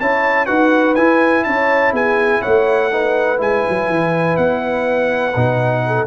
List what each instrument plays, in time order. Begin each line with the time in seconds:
0.00 tuba C#4, trombone E4, horn C#5, trumpet A5
0.46 tuba D#4, trombone F#4, horn B4, trumpet F#5
0.95 trombone E4, tuba E4, trumpet G#5
1.44 tuba C#4, horn C#5, trumpet A5
1.93 tuba B3, horn G#4, trumpet G#5
2.42 tuba A3, horn C#5, trumpet F#5
2.92 trombone D#4, horn B4
3.37 tuba G#3, trombone E4, trumpet G#5
3.69 tuba F#3
3.89 tuba E3
4.37 tuba B3, trumpet F#5
5.36 tuba B2, trombone D#4
5.86 horn A4